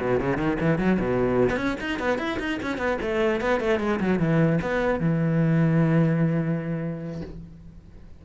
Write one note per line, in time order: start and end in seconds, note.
0.00 0.20 B2
0.20 0.37 C#3
0.37 0.57 D#3
0.60 0.78 E3
0.78 0.98 F#3
1.00 1.49 B2
1.49 1.56 B3
1.56 1.76 C#4
1.80 1.99 D#4
1.99 2.18 B3
2.18 2.38 E4
2.39 2.59 D#4
2.62 2.77 C#4
2.77 2.97 B3
3.01 3.40 A3
3.40 3.60 B3
3.60 3.79 A3
3.79 4.00 G#3
4.00 4.19 F#3
4.19 4.59 E3
4.62 5.00 B3
5.00 7.21 E3